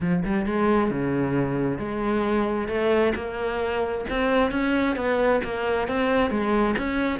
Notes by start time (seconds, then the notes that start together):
0.00 F3
0.24 G3
0.46 G#3
0.90 C#3
1.78 G#3
2.68 A3
3.15 A#3
4.09 C4
4.51 C#4
4.95 B3
5.44 A#3
5.88 C4
6.30 G#3
6.78 C#4